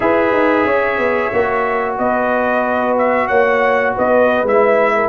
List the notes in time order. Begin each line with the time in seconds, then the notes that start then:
0.00 E4 G#4 B4 E5
0.32 D#4
0.65 C#4 C#5
0.98 B3
1.33 A#3 F#4
1.98 B3 B4 D#5
2.98 E5
3.27 A#3 C#5 F#5
3.95 B3 B4 D#5
4.43 G#3 E4 E5
4.95 A#4